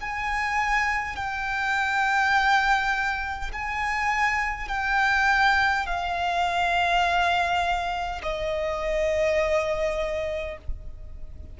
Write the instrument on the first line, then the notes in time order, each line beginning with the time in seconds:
violin
0.00 G#5
1.16 G5
3.52 G#5
4.68 G5
5.86 F5
8.22 D#5